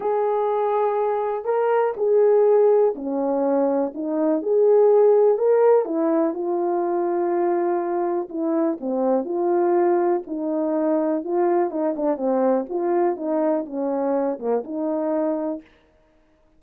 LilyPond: \new Staff \with { instrumentName = "horn" } { \time 4/4 \tempo 4 = 123 gis'2. ais'4 | gis'2 cis'2 | dis'4 gis'2 ais'4 | e'4 f'2.~ |
f'4 e'4 c'4 f'4~ | f'4 dis'2 f'4 | dis'8 d'8 c'4 f'4 dis'4 | cis'4. ais8 dis'2 | }